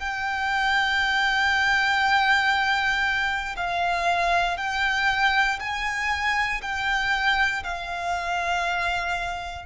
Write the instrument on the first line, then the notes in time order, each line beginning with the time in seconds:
violin
0.00 G5
3.57 F5
4.58 G5
5.60 G#5
6.62 G5
7.64 F5